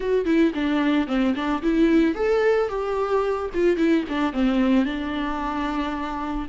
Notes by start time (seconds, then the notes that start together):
0.00 F#4
0.25 E4
0.54 D4
1.07 C4
1.35 D4
1.62 E4
2.14 A4
2.68 G4
3.54 F4
3.77 E4
4.08 D4
4.32 C4
4.85 D4